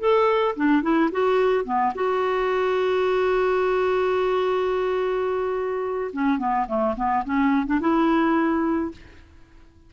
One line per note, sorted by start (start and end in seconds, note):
0.00 0.56 A4
0.56 0.83 D4
0.83 1.10 E4
1.12 1.65 F#4
1.65 1.93 B3
1.95 6.12 F#4
6.13 6.39 C#4
6.39 6.67 B3
6.68 6.96 A3
6.96 7.24 B3
7.25 7.66 C#4
7.66 7.80 D4
7.81 8.92 E4